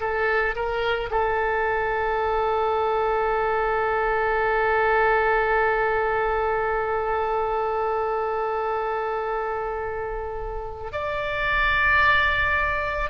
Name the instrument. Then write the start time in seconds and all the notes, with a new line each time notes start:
oboe
0.00 A4
0.55 A#4
1.10 A4
10.92 D5